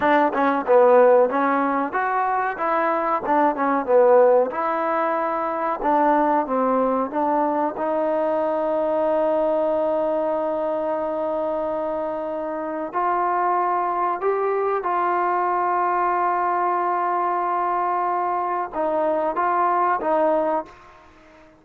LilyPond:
\new Staff \with { instrumentName = "trombone" } { \time 4/4 \tempo 4 = 93 d'8 cis'8 b4 cis'4 fis'4 | e'4 d'8 cis'8 b4 e'4~ | e'4 d'4 c'4 d'4 | dis'1~ |
dis'1 | f'2 g'4 f'4~ | f'1~ | f'4 dis'4 f'4 dis'4 | }